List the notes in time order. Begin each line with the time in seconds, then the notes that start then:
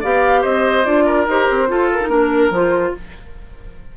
0.00 B3 G4 D5 F5
0.41 C4 C5 D#5
0.84 D4 F4 D5
1.06 A#4
1.27 D#4 G4 C5
1.50 C4
1.67 F4 A4
1.92 A#4
2.00 D#4
2.08 A#3 D4 A#4
2.50 F3 F4 C5